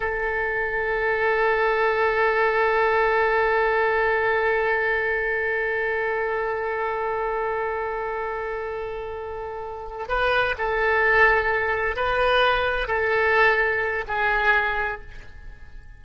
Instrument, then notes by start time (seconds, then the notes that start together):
oboe
0.00 A4
10.08 B4
10.57 A4
11.96 B4
12.87 A4
14.07 G#4